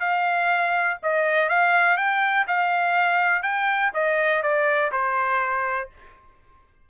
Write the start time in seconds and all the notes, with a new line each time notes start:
0.00 F5
1.03 D#5
1.49 F5
1.97 G5
2.47 F5
3.43 G5
3.94 D#5
4.43 D5
4.92 C5